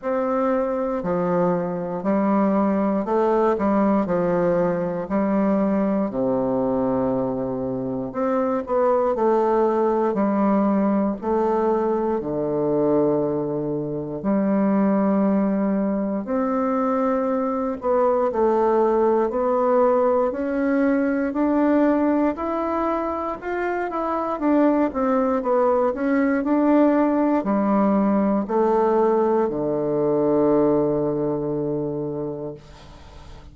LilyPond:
\new Staff \with { instrumentName = "bassoon" } { \time 4/4 \tempo 4 = 59 c'4 f4 g4 a8 g8 | f4 g4 c2 | c'8 b8 a4 g4 a4 | d2 g2 |
c'4. b8 a4 b4 | cis'4 d'4 e'4 f'8 e'8 | d'8 c'8 b8 cis'8 d'4 g4 | a4 d2. | }